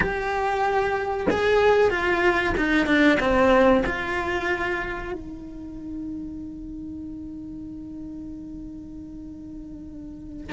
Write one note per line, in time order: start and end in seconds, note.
0.00 1.26 G4
1.30 1.90 G#4
1.90 2.54 F4
2.57 2.86 D#4
2.86 3.18 D4
3.19 3.83 C4
3.86 5.12 F4
5.12 10.52 D#4